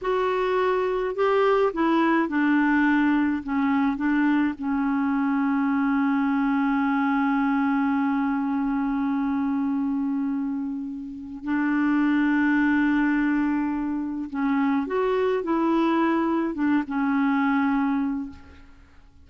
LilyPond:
\new Staff \with { instrumentName = "clarinet" } { \time 4/4 \tempo 4 = 105 fis'2 g'4 e'4 | d'2 cis'4 d'4 | cis'1~ | cis'1~ |
cis'1 | d'1~ | d'4 cis'4 fis'4 e'4~ | e'4 d'8 cis'2~ cis'8 | }